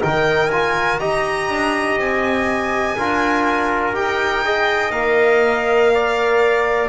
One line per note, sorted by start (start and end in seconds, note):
0.00 1.00 D#3
0.00 0.49 D#4
0.00 1.00 A#4
0.00 0.51 G5
0.51 1.00 F4
0.51 1.00 G#5
1.00 1.49 D#4
1.00 2.97 G4
1.00 2.97 D#5
1.00 1.98 A#5
1.49 1.98 D4
1.98 2.96 C4
1.98 3.95 G#5
2.98 3.94 D4
2.98 3.93 F4
2.98 4.45 A#4
3.93 4.90 D#4
3.93 4.43 G4
3.93 4.92 G5
4.45 4.93 G#4
4.45 5.92 D#5
4.90 6.87 A#3
4.90 6.89 A#4
4.90 6.88 F5
5.94 6.89 D5